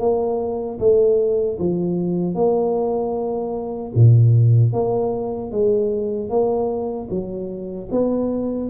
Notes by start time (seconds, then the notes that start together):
0.00 A#3
0.79 A3
1.59 F3
2.35 A#3
3.95 A#2
4.73 A#3
5.52 G#3
6.30 A#3
7.10 F#3
7.92 B3